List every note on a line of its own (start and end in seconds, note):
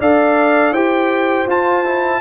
0.00 0.71 D4
0.00 0.75 A4
0.00 0.72 D5
0.00 0.73 F5
0.71 1.46 E4
0.71 1.48 G4
0.71 2.20 C5
0.71 1.47 G5
1.47 2.20 F4
1.47 1.85 F4
1.47 2.20 A5
1.85 2.20 E4